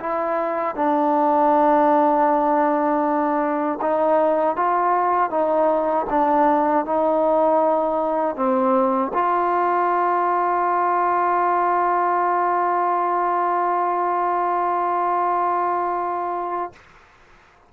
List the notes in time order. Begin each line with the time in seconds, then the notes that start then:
0.00 E4
0.76 D4
3.81 D#4
4.56 F4
5.30 D#4
6.10 D4
6.86 D#4
8.36 C4
9.13 F4